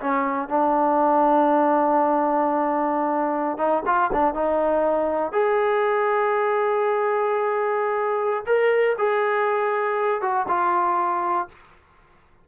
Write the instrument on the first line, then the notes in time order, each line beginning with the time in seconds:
trombone
0.00 C#4
0.49 D4
3.58 D#4
3.86 F4
4.13 D4
4.35 D#4
5.32 G#4
8.46 A#4
8.98 G#4
10.21 F#4
10.48 F4